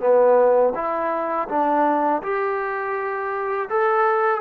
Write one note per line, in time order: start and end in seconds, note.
0.00 0.73 B3
0.75 1.48 E4
1.49 2.22 D4
2.23 3.69 G4
3.70 4.41 A4